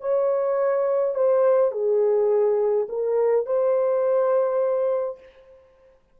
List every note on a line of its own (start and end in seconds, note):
0.00 1.14 C#5
1.14 1.72 C5
1.72 2.87 G#4
2.88 3.46 A#4
3.46 5.19 C5